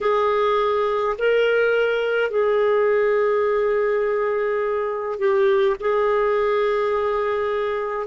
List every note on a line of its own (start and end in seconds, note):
0.01 1.16 G#4
1.18 2.30 A#4
2.30 5.18 G#4
5.18 5.76 G4
5.80 8.07 G#4